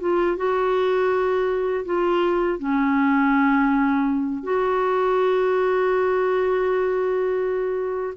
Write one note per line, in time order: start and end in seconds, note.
0.00 0.37 F4
0.37 1.85 F#4
1.86 2.59 F4
2.59 4.43 C#4
4.43 8.14 F#4